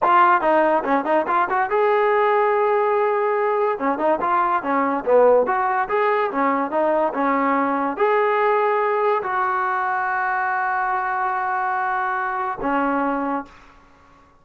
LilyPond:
\new Staff \with { instrumentName = "trombone" } { \time 4/4 \tempo 4 = 143 f'4 dis'4 cis'8 dis'8 f'8 fis'8 | gis'1~ | gis'4 cis'8 dis'8 f'4 cis'4 | b4 fis'4 gis'4 cis'4 |
dis'4 cis'2 gis'4~ | gis'2 fis'2~ | fis'1~ | fis'2 cis'2 | }